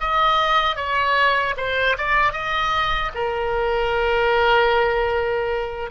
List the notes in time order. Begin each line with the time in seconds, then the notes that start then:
0.00 D#5
0.76 C#5
1.57 C5
1.98 D5
2.33 D#5
3.15 A#4